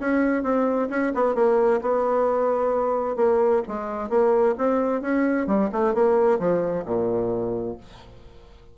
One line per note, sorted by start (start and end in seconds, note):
0.00 0.43 C#4
0.43 0.88 C4
0.90 1.12 C#4
1.14 1.34 B3
1.34 1.80 A#3
1.81 3.16 B3
3.16 3.62 A#3
3.68 4.09 G#3
4.09 4.55 A#3
4.58 5.01 C4
5.01 5.47 C#4
5.47 5.70 G3
5.72 5.94 A3
5.94 6.39 A#3
6.39 6.85 F3
6.85 7.77 A#2